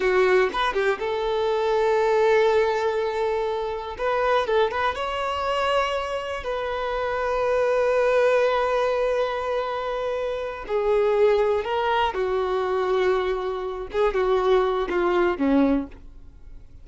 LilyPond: \new Staff \with { instrumentName = "violin" } { \time 4/4 \tempo 4 = 121 fis'4 b'8 g'8 a'2~ | a'1 | b'4 a'8 b'8 cis''2~ | cis''4 b'2.~ |
b'1~ | b'4. gis'2 ais'8~ | ais'8 fis'2.~ fis'8 | gis'8 fis'4. f'4 cis'4 | }